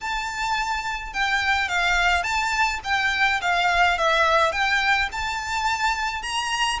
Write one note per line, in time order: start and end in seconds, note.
0.00 1.13 A5
1.13 1.68 G5
1.68 2.23 F5
2.23 2.79 A5
2.84 3.40 G5
3.41 3.98 F5
3.98 4.52 E5
4.52 5.08 G5
5.12 6.22 A5
6.22 6.79 A#5